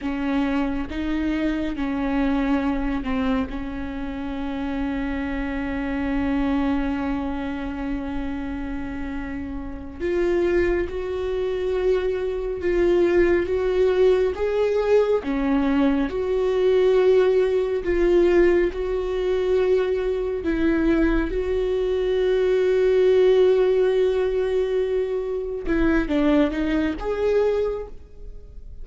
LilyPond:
\new Staff \with { instrumentName = "viola" } { \time 4/4 \tempo 4 = 69 cis'4 dis'4 cis'4. c'8 | cis'1~ | cis'2.~ cis'8 f'8~ | f'8 fis'2 f'4 fis'8~ |
fis'8 gis'4 cis'4 fis'4.~ | fis'8 f'4 fis'2 e'8~ | e'8 fis'2.~ fis'8~ | fis'4. e'8 d'8 dis'8 gis'4 | }